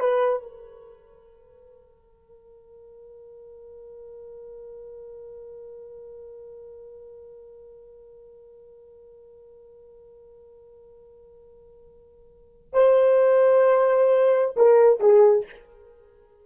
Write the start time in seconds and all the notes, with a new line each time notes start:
0.00 B4
0.43 A#4
12.73 C5
14.57 A#4
15.00 G#4